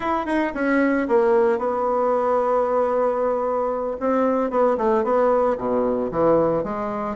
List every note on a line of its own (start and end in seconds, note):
0.00 0.25 E4
0.25 0.52 D#4
0.54 1.07 C#4
1.08 1.58 A#3
1.58 3.97 B3
4.00 4.50 C4
4.50 4.76 B3
4.77 5.04 A3
5.04 5.57 B3
5.57 6.10 B2
6.11 6.63 E3
6.63 7.16 G#3